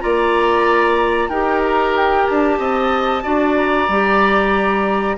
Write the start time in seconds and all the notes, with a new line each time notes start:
0.00 A#3 F4 D5 A#5
1.28 D#4 G4 A#4 G5
1.63 A#5
1.96 G5
2.27 D4 A5
2.58 C4 D#5
3.23 D4 F#4 D5
3.56 A#5
3.88 G3 G4